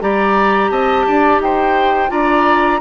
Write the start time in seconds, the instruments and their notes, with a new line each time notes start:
0.00 bassoon G3, clarinet G4, oboe D5, flute A#5
0.70 bassoon C4, oboe D#5, flute A5
1.07 bassoon D4, oboe D5
1.39 bassoon D#4, oboe C5, flute G5
2.09 bassoon D4, clarinet F4, oboe D5, flute A#5